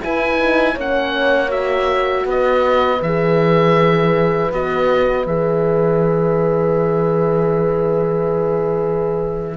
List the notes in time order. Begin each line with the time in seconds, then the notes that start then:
0.00 E4 B4 G#5
0.39 D#4
0.74 A#3 C#4 C#5
0.80 F#5
1.49 F#4 E5
2.25 B3 B4 D#5
3.02 E3 G#4 E5
4.51 B3 F#4 D#5
5.26 E3 G#4 E5